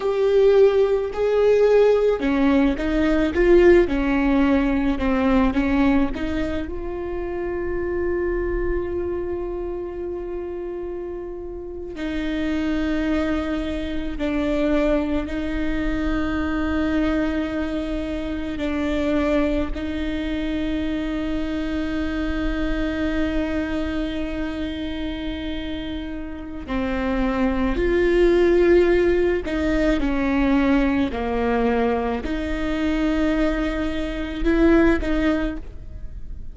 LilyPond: \new Staff \with { instrumentName = "viola" } { \time 4/4 \tempo 4 = 54 g'4 gis'4 cis'8 dis'8 f'8 cis'8~ | cis'8 c'8 cis'8 dis'8 f'2~ | f'2~ f'8. dis'4~ dis'16~ | dis'8. d'4 dis'2~ dis'16~ |
dis'8. d'4 dis'2~ dis'16~ | dis'1 | c'4 f'4. dis'8 cis'4 | ais4 dis'2 e'8 dis'8 | }